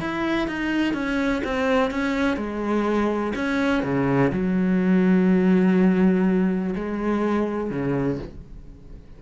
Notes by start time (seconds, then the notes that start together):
0.00 E4
0.48 D#4
0.94 C#4
1.44 C4
1.91 C#4
2.37 G#3
3.35 C#4
3.83 C#3
4.33 F#3
6.76 G#3
7.70 C#3